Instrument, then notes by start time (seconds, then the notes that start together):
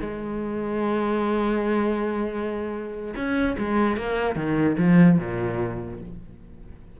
cello
0.00 G#3
3.15 C#4
3.58 G#3
3.97 A#3
4.35 D#3
4.78 F3
5.19 A#2